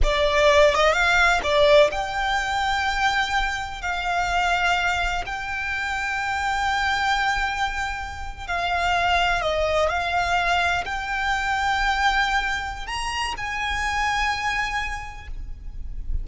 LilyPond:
\new Staff \with { instrumentName = "violin" } { \time 4/4 \tempo 4 = 126 d''4. dis''8 f''4 d''4 | g''1 | f''2. g''4~ | g''1~ |
g''4.~ g''16 f''2 dis''16~ | dis''8. f''2 g''4~ g''16~ | g''2. ais''4 | gis''1 | }